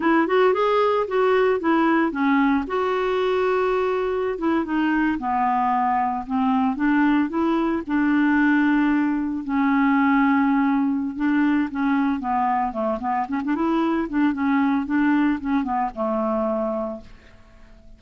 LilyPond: \new Staff \with { instrumentName = "clarinet" } { \time 4/4 \tempo 4 = 113 e'8 fis'8 gis'4 fis'4 e'4 | cis'4 fis'2.~ | fis'16 e'8 dis'4 b2 c'16~ | c'8. d'4 e'4 d'4~ d'16~ |
d'4.~ d'16 cis'2~ cis'16~ | cis'4 d'4 cis'4 b4 | a8 b8 cis'16 d'16 e'4 d'8 cis'4 | d'4 cis'8 b8 a2 | }